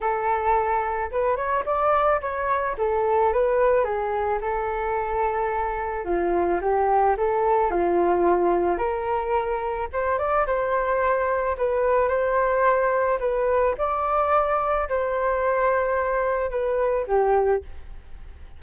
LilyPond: \new Staff \with { instrumentName = "flute" } { \time 4/4 \tempo 4 = 109 a'2 b'8 cis''8 d''4 | cis''4 a'4 b'4 gis'4 | a'2. f'4 | g'4 a'4 f'2 |
ais'2 c''8 d''8 c''4~ | c''4 b'4 c''2 | b'4 d''2 c''4~ | c''2 b'4 g'4 | }